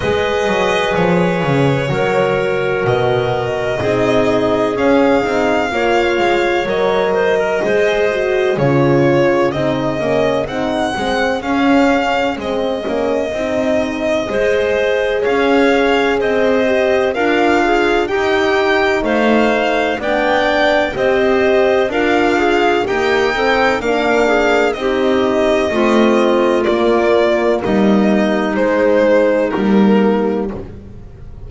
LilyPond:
<<
  \new Staff \with { instrumentName = "violin" } { \time 4/4 \tempo 4 = 63 dis''4 cis''2 dis''4~ | dis''4 f''2 dis''4~ | dis''4 cis''4 dis''4 fis''4 | f''4 dis''2. |
f''4 dis''4 f''4 g''4 | f''4 g''4 dis''4 f''4 | g''4 f''4 dis''2 | d''4 dis''4 c''4 ais'4 | }
  \new Staff \with { instrumentName = "clarinet" } { \time 4/4 b'2 ais'2 | gis'2 cis''4. c''16 ais'16 | c''4 gis'2.~ | gis'2. c''4 |
cis''4 c''4 ais'8 gis'8 g'4 | c''4 d''4 c''4 ais'8 gis'8 | g'8 a'8 ais'8 gis'8 g'4 f'4~ | f'4 dis'2. | }
  \new Staff \with { instrumentName = "horn" } { \time 4/4 gis'2 fis'2 | dis'4 cis'8 dis'8 f'4 ais'4 | gis'8 fis'8 f'4 dis'8 cis'8 dis'8 c'8 | cis'4 c'8 cis'8 dis'4 gis'4~ |
gis'4. g'8 f'4 dis'4~ | dis'4 d'4 g'4 f'4 | ais8 c'8 d'4 dis'4 c'4 | ais2 gis4 ais4 | }
  \new Staff \with { instrumentName = "double bass" } { \time 4/4 gis8 fis8 f8 cis8 fis4 b,4 | c'4 cis'8 c'8 ais8 gis8 fis4 | gis4 cis4 c'8 ais8 c'8 gis8 | cis'4 gis8 ais8 c'4 gis4 |
cis'4 c'4 d'4 dis'4 | a4 b4 c'4 d'4 | dis'4 ais4 c'4 a4 | ais4 g4 gis4 g4 | }
>>